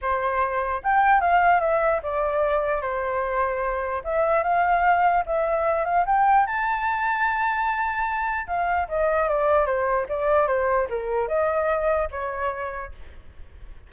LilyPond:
\new Staff \with { instrumentName = "flute" } { \time 4/4 \tempo 4 = 149 c''2 g''4 f''4 | e''4 d''2 c''4~ | c''2 e''4 f''4~ | f''4 e''4. f''8 g''4 |
a''1~ | a''4 f''4 dis''4 d''4 | c''4 d''4 c''4 ais'4 | dis''2 cis''2 | }